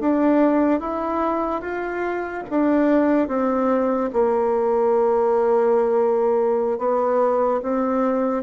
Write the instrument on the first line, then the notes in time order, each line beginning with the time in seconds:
bassoon
0.00 D4
0.80 E4
1.61 F4
2.50 D4
3.28 C4
4.13 A#3
6.78 B3
7.62 C4